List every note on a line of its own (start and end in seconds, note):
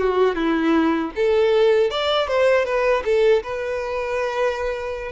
0.00 0.36 F#4
0.36 1.12 E4
1.16 1.91 A4
1.91 2.28 D5
2.28 2.65 C5
2.65 3.03 B4
3.05 3.43 A4
3.43 5.12 B4